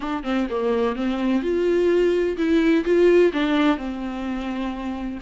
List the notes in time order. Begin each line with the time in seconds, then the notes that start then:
0.00 D4
0.23 C4
0.49 A#3
0.95 C4
1.42 F4
2.37 E4
2.85 F4
3.32 D4
3.77 C4